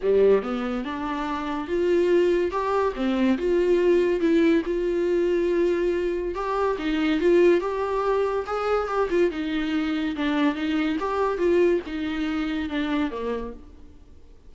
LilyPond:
\new Staff \with { instrumentName = "viola" } { \time 4/4 \tempo 4 = 142 g4 b4 d'2 | f'2 g'4 c'4 | f'2 e'4 f'4~ | f'2. g'4 |
dis'4 f'4 g'2 | gis'4 g'8 f'8 dis'2 | d'4 dis'4 g'4 f'4 | dis'2 d'4 ais4 | }